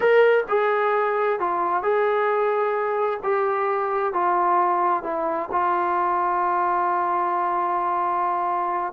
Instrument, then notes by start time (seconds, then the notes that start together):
trombone
0.00 A#4
0.48 G#4
1.39 F4
1.82 G#4
3.23 G4
4.13 F4
5.03 E4
5.51 F4